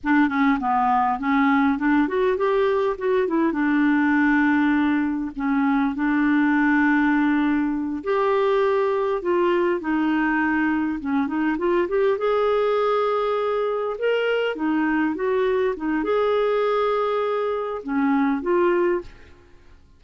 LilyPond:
\new Staff \with { instrumentName = "clarinet" } { \time 4/4 \tempo 4 = 101 d'8 cis'8 b4 cis'4 d'8 fis'8 | g'4 fis'8 e'8 d'2~ | d'4 cis'4 d'2~ | d'4. g'2 f'8~ |
f'8 dis'2 cis'8 dis'8 f'8 | g'8 gis'2. ais'8~ | ais'8 dis'4 fis'4 dis'8 gis'4~ | gis'2 cis'4 f'4 | }